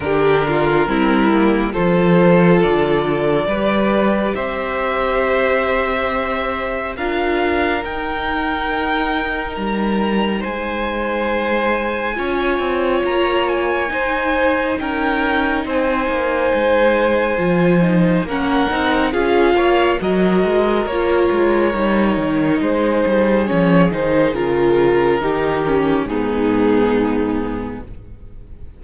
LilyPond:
<<
  \new Staff \with { instrumentName = "violin" } { \time 4/4 \tempo 4 = 69 ais'2 c''4 d''4~ | d''4 e''2. | f''4 g''2 ais''4 | gis''2. ais''8 gis''8~ |
gis''4 g''4 gis''2~ | gis''4 fis''4 f''4 dis''4 | cis''2 c''4 cis''8 c''8 | ais'2 gis'2 | }
  \new Staff \with { instrumentName = "violin" } { \time 4/4 g'8 f'8 e'4 a'2 | b'4 c''2. | ais'1 | c''2 cis''2 |
c''4 ais'4 c''2~ | c''4 ais'4 gis'8 cis''8 ais'4~ | ais'2 gis'2~ | gis'4 g'4 dis'2 | }
  \new Staff \with { instrumentName = "viola" } { \time 4/4 d'4 c'8 ais8 f'2 | g'1 | f'4 dis'2.~ | dis'2 f'2 |
dis'1 | f'8 dis'8 cis'8 dis'8 f'4 fis'4 | f'4 dis'2 cis'8 dis'8 | f'4 dis'8 cis'8 b2 | }
  \new Staff \with { instrumentName = "cello" } { \time 4/4 d4 g4 f4 d4 | g4 c'2. | d'4 dis'2 g4 | gis2 cis'8 c'8 ais4 |
dis'4 cis'4 c'8 ais8 gis4 | f4 ais8 c'8 cis'8 ais8 fis8 gis8 | ais8 gis8 g8 dis8 gis8 g8 f8 dis8 | cis4 dis4 gis,2 | }
>>